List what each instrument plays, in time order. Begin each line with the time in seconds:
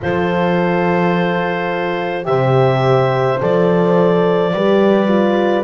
0.01 double bass F3, horn F4 A4, clarinet C5
2.23 double bass C3, horn G4 C5, clarinet E5
3.40 double bass F3, horn A4, clarinet D5
4.53 double bass G3, horn G4 B4
5.07 horn F4